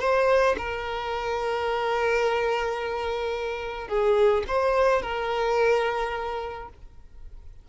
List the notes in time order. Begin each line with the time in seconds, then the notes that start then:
0.00 C5
0.58 A#4
3.88 G#4
4.47 C5
5.02 A#4